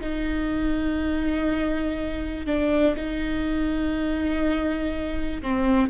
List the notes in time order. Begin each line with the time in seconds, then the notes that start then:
0.00 D#4
2.45 D4
2.96 D#4
5.42 C4